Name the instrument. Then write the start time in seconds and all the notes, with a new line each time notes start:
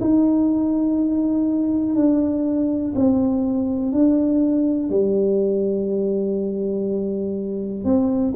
tuba
0.00 D#4
1.95 D4
2.95 C4
3.92 D4
4.89 G3
7.84 C4